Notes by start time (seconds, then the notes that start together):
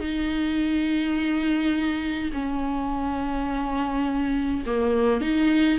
0.00 D#4
2.33 C#4
4.66 A#3
5.21 D#4